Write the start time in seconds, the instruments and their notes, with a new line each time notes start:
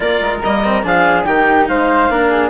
0.00 bassoon A#3, cello F4, flute A#4, clarinet D5
0.20 bassoon G#3
0.43 bassoon G3, cello A#3, clarinet D#5
0.64 cello C4
0.83 bassoon F3, cello D4, flute G#4, clarinet F5
1.24 bassoon D#3, cello D#4, flute G4, clarinet G5
1.67 bassoon G#3, flute C5, clarinet F5
2.09 bassoon A#3, cello D4, flute A#4
2.30 flute G#4